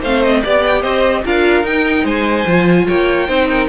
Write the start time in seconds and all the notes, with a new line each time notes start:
0.00 A3 C4 C5 F5
0.23 D#5
0.42 B3 G4 D5
0.66 G5
0.81 C4 C5 D#5
1.24 D4 F4 A#4 F5
1.63 D#4 G5
2.03 G#3 C5 G#5
2.46 F3 F4
2.87 A#3 C#5 G5
3.27 C4 D#4 C5
3.49 A#4